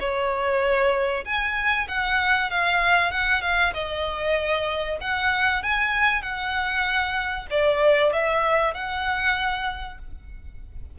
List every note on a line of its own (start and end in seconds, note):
0.00 1.25 C#5
1.26 1.88 G#5
1.88 2.51 F#5
2.51 3.11 F5
3.11 3.42 F#5
3.42 3.74 F5
3.74 4.99 D#5
5.01 5.63 F#5
5.63 6.22 G#5
6.22 7.47 F#5
7.51 8.13 D5
8.13 8.74 E5
8.74 9.99 F#5